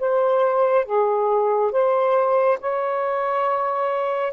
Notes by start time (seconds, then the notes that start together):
0.00 C5
0.86 G#4
1.72 C5
2.61 C#5